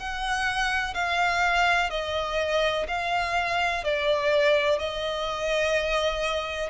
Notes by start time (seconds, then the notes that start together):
0.00 F#5
0.94 F5
1.90 D#5
2.88 F5
3.84 D5
4.79 D#5